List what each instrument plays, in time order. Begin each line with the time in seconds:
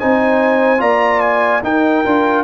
0.00 tuba C4, trombone D#4, horn C5, trumpet G#5
0.78 tuba A#3, trombone F4, horn D5, trumpet A#5
1.21 trumpet G#5
1.63 tuba D#4, trombone D#4, horn A#4, trumpet G5
2.05 tuba D4, trombone F4